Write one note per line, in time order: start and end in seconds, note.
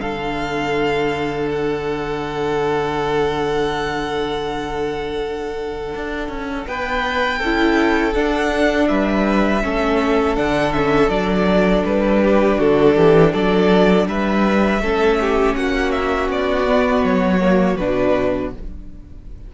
0.00 5.94 D3
0.00 7.41 D4
0.00 6.68 A4
0.00 1.49 F5
1.51 6.67 F#5
5.94 6.29 D4
6.29 6.66 C#4
6.67 7.41 B3
6.67 7.39 B4
6.67 8.14 G5
7.39 8.15 C#4
7.39 8.15 E4
7.39 8.87 A4
8.14 9.63 D4
8.14 8.90 D4
8.14 8.88 F#5
8.88 9.64 G3
8.88 9.64 B4
8.88 10.36 E5
9.63 10.38 A3
9.63 10.36 C#4
9.63 12.23 A4
10.36 11.10 D3
10.36 10.73 D4
10.36 10.73 F#5
10.73 11.11 C#4
10.73 11.10 E5
11.10 11.84 F#3
11.10 14.82 D4
11.10 11.84 D5
11.85 12.59 G3
11.85 12.60 B4
12.23 12.58 G4
12.58 12.96 D3
12.58 12.95 F#4
12.58 13.34 A4
12.96 13.34 E3
12.96 13.32 G4
13.32 14.07 F#3
13.32 14.06 A4
13.32 14.08 D5
14.07 14.80 G3
14.07 14.82 B4
14.07 15.56 E5
14.80 15.54 A3
14.80 16.67 C#4
14.80 15.19 A4
15.21 15.58 G4
15.56 16.29 A#3
15.56 18.54 F#4
15.56 15.92 F#5
15.92 16.29 E5
16.29 17.03 B3
16.29 17.05 D5
16.67 17.41 B3
17.04 17.78 F#3
17.04 17.77 C#5
17.41 17.78 A#3
17.77 18.54 B2
17.77 18.55 D4
17.77 18.52 B4